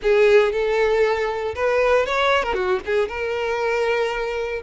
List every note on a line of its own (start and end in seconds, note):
0.02 0.52 G#4
0.52 1.54 A4
1.55 2.06 B4
2.06 2.43 C#5
2.43 2.54 A#4
2.54 2.79 F#4
2.85 3.08 G#4
3.08 4.62 A#4